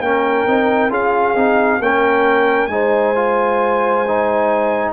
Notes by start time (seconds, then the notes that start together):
0.00 A#3 C#4 A#4 G5
0.47 C4 D#4
0.90 C#4 F4 G#4 F5
1.35 C4 D#4
1.79 A#3 C#4 A#4 G5
2.67 G#3 D#4 C5 G#5
3.15 F4
4.08 D#4